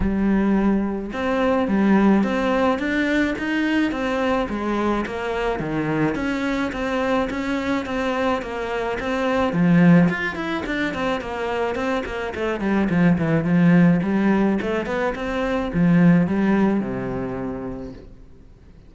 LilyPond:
\new Staff \with { instrumentName = "cello" } { \time 4/4 \tempo 4 = 107 g2 c'4 g4 | c'4 d'4 dis'4 c'4 | gis4 ais4 dis4 cis'4 | c'4 cis'4 c'4 ais4 |
c'4 f4 f'8 e'8 d'8 c'8 | ais4 c'8 ais8 a8 g8 f8 e8 | f4 g4 a8 b8 c'4 | f4 g4 c2 | }